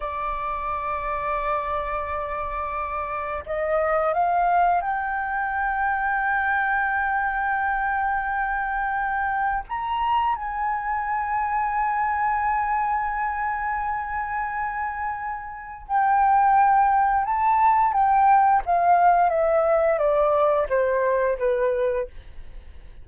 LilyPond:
\new Staff \with { instrumentName = "flute" } { \time 4/4 \tempo 4 = 87 d''1~ | d''4 dis''4 f''4 g''4~ | g''1~ | g''2 ais''4 gis''4~ |
gis''1~ | gis''2. g''4~ | g''4 a''4 g''4 f''4 | e''4 d''4 c''4 b'4 | }